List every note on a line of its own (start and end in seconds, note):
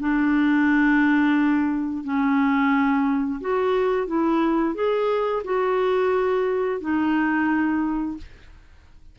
0.00 2.04 D4
2.04 3.40 C#4
3.41 4.07 F#4
4.07 4.75 E4
4.75 5.43 G#4
5.44 6.81 F#4
6.81 8.17 D#4